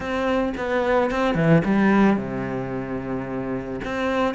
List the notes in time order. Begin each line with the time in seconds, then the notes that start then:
0.00 C4
0.57 B3
1.10 C4
1.34 E3
1.64 G3
2.16 C3
3.84 C4